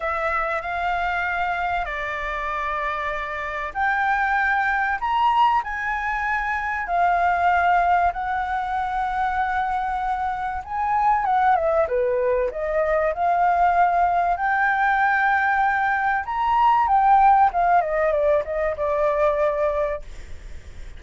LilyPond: \new Staff \with { instrumentName = "flute" } { \time 4/4 \tempo 4 = 96 e''4 f''2 d''4~ | d''2 g''2 | ais''4 gis''2 f''4~ | f''4 fis''2.~ |
fis''4 gis''4 fis''8 e''8 b'4 | dis''4 f''2 g''4~ | g''2 ais''4 g''4 | f''8 dis''8 d''8 dis''8 d''2 | }